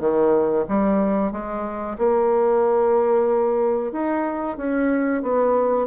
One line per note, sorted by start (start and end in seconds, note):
0.00 0.65 D#3
0.68 1.32 G3
1.32 1.97 G#3
1.98 3.92 A#3
3.92 4.57 D#4
4.57 5.22 C#4
5.23 5.87 B3